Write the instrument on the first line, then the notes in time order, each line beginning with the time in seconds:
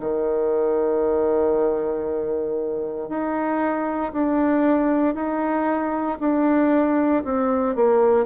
bassoon
0.00 D#3
3.09 D#4
4.12 D4
5.14 D#4
6.20 D4
7.24 C4
7.75 A#3